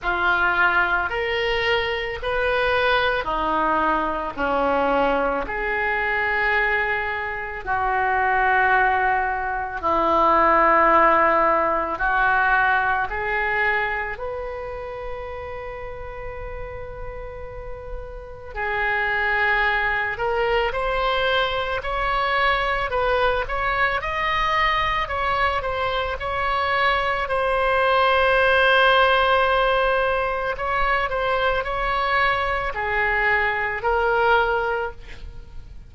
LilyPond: \new Staff \with { instrumentName = "oboe" } { \time 4/4 \tempo 4 = 55 f'4 ais'4 b'4 dis'4 | cis'4 gis'2 fis'4~ | fis'4 e'2 fis'4 | gis'4 b'2.~ |
b'4 gis'4. ais'8 c''4 | cis''4 b'8 cis''8 dis''4 cis''8 c''8 | cis''4 c''2. | cis''8 c''8 cis''4 gis'4 ais'4 | }